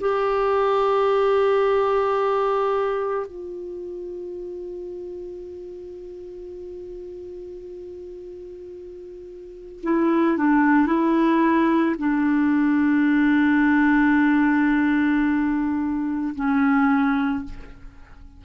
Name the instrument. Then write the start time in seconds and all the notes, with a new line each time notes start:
clarinet
0.00 G4
3.26 F4
9.82 E4
10.37 D4
10.86 E4
11.98 D4
16.35 C#4